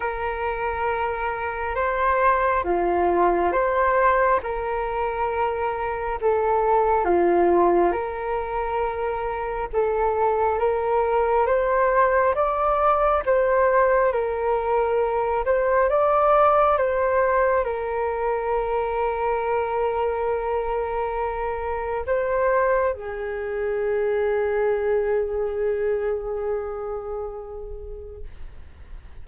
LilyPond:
\new Staff \with { instrumentName = "flute" } { \time 4/4 \tempo 4 = 68 ais'2 c''4 f'4 | c''4 ais'2 a'4 | f'4 ais'2 a'4 | ais'4 c''4 d''4 c''4 |
ais'4. c''8 d''4 c''4 | ais'1~ | ais'4 c''4 gis'2~ | gis'1 | }